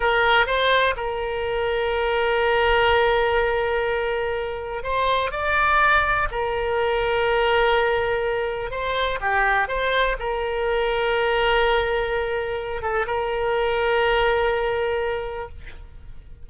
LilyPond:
\new Staff \with { instrumentName = "oboe" } { \time 4/4 \tempo 4 = 124 ais'4 c''4 ais'2~ | ais'1~ | ais'2 c''4 d''4~ | d''4 ais'2.~ |
ais'2 c''4 g'4 | c''4 ais'2.~ | ais'2~ ais'8 a'8 ais'4~ | ais'1 | }